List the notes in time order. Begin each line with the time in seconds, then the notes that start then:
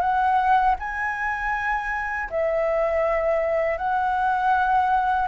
0.00 F#5
0.79 G#5
2.30 E5
3.77 F#5